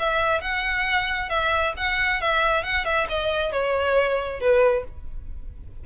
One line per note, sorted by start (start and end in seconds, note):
0.00 0.42 E5
0.42 1.30 F#5
1.30 1.74 E5
1.77 2.21 F#5
2.22 2.64 E5
2.64 2.86 F#5
2.86 3.08 E5
3.09 3.53 D#5
3.53 4.41 C#5
4.41 4.85 B4